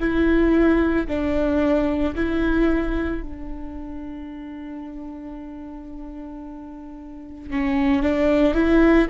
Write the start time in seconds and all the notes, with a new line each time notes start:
0.00 E4
1.08 D4
2.16 E4
3.23 D4
7.51 C#4
8.03 D4
8.55 E4